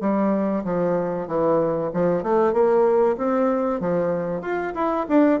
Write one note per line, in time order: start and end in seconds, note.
0.00 0.63 G3
0.64 1.27 F3
1.27 1.90 E3
1.93 2.23 F3
2.23 2.53 A3
2.53 3.16 A#3
3.17 3.80 C4
3.80 4.41 F3
4.41 4.73 F4
4.74 5.06 E4
5.08 5.40 D4